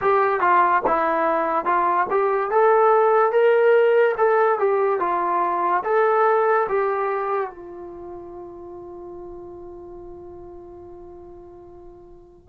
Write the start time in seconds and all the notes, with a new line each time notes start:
0.01 G4
0.40 F4
0.86 E4
1.65 F4
2.10 G4
2.50 A4
3.31 A#4
4.17 A4
4.58 G4
4.99 F4
5.83 A4
6.69 G4
7.49 F4